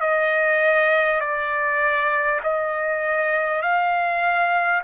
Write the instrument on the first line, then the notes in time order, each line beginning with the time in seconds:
trumpet
0.00 D#5
1.20 D5
2.43 D#5
3.62 F5